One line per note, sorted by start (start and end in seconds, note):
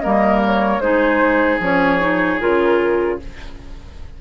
0.00 0.78 G3
0.00 0.82 A#3
0.00 0.82 A#4
0.00 0.39 D#5
0.46 0.80 C#5
0.78 1.57 G#3
0.78 1.61 D#4
0.78 3.20 G#4
0.78 1.59 C5
1.60 2.38 F3
1.60 2.00 C#4
1.60 2.41 C#5
2.00 2.39 D#4
2.40 3.21 C#3
2.40 3.19 F4
2.40 3.20 A#4